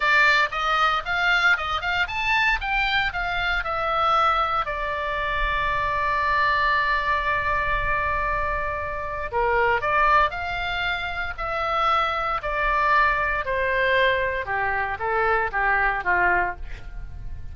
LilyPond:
\new Staff \with { instrumentName = "oboe" } { \time 4/4 \tempo 4 = 116 d''4 dis''4 f''4 dis''8 f''8 | a''4 g''4 f''4 e''4~ | e''4 d''2.~ | d''1~ |
d''2 ais'4 d''4 | f''2 e''2 | d''2 c''2 | g'4 a'4 g'4 f'4 | }